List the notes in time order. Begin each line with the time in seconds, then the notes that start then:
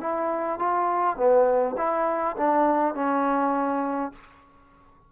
0.00 E4
0.59 F4
1.17 B3
1.77 E4
2.37 D4
2.94 C#4